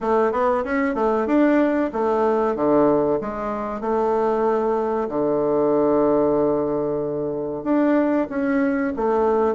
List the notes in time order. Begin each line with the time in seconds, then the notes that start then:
0.00 A3
0.32 B3
0.64 C#4
0.94 A3
1.26 D4
1.92 A3
2.55 D3
3.20 G#3
3.80 A3
5.08 D3
7.63 D4
8.29 C#4
8.96 A3